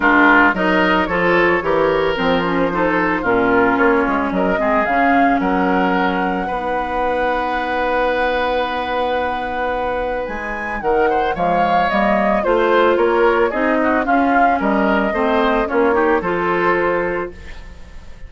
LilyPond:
<<
  \new Staff \with { instrumentName = "flute" } { \time 4/4 \tempo 4 = 111 ais'4 dis''4 cis''2 | c''2 ais'4 cis''4 | dis''4 f''4 fis''2~ | fis''1~ |
fis''2. gis''4 | fis''4 f''4 dis''4 c''4 | cis''4 dis''4 f''4 dis''4~ | dis''4 cis''4 c''2 | }
  \new Staff \with { instrumentName = "oboe" } { \time 4/4 f'4 ais'4 a'4 ais'4~ | ais'4 a'4 f'2 | ais'8 gis'4. ais'2 | b'1~ |
b'1 | ais'8 c''8 cis''2 c''4 | ais'4 gis'8 fis'8 f'4 ais'4 | c''4 f'8 g'8 a'2 | }
  \new Staff \with { instrumentName = "clarinet" } { \time 4/4 d'4 dis'4 f'4 g'4 | c'8 cis'8 dis'4 cis'2~ | cis'8 c'8 cis'2. | dis'1~ |
dis'1~ | dis'4 gis4 ais4 f'4~ | f'4 dis'4 cis'2 | c'4 cis'8 dis'8 f'2 | }
  \new Staff \with { instrumentName = "bassoon" } { \time 4/4 gis4 fis4 f4 e4 | f2 ais,4 ais8 gis8 | fis8 gis8 cis4 fis2 | b1~ |
b2. gis4 | dis4 f4 g4 a4 | ais4 c'4 cis'4 g4 | a4 ais4 f2 | }
>>